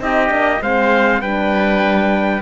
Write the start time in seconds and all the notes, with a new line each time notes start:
0.00 C4 D#4 G4 D#5
0.29 A#3 D4
0.61 G#3 C4 C5 F5
1.21 G3 D4 B4 G5